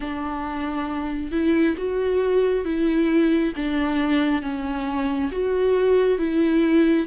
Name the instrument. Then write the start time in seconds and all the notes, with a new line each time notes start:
viola
0.00 D4
1.31 E4
1.76 F#4
2.65 E4
3.55 D4
4.42 C#4
5.31 F#4
6.18 E4